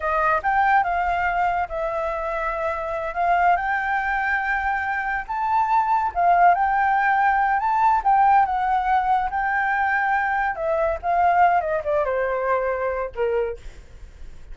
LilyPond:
\new Staff \with { instrumentName = "flute" } { \time 4/4 \tempo 4 = 142 dis''4 g''4 f''2 | e''2.~ e''8 f''8~ | f''8 g''2.~ g''8~ | g''8 a''2 f''4 g''8~ |
g''2 a''4 g''4 | fis''2 g''2~ | g''4 e''4 f''4. dis''8 | d''8 c''2~ c''8 ais'4 | }